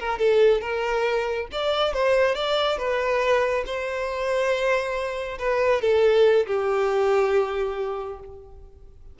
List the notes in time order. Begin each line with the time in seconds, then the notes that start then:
0.00 A#4
0.19 A4
0.62 A#4
1.52 D5
1.94 C5
2.35 D5
2.78 B4
3.66 C5
5.39 B4
5.82 A4
6.47 G4